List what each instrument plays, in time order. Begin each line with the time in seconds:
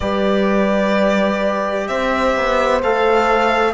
0.00 cello G3, trombone G4, horn B4, violin D5
1.87 cello C4, horn C5, violin E5
2.36 cello B3
2.82 cello A3, trombone A4, violin F5